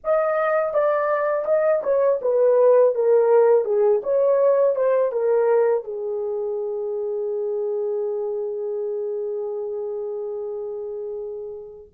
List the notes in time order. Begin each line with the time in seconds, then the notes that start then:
0.04 D#5
0.73 D5
1.45 D#5
1.83 C#5
2.21 B4
2.94 A#4
3.65 G#4
4.03 C#5
4.75 C5
5.12 A#4
5.84 G#4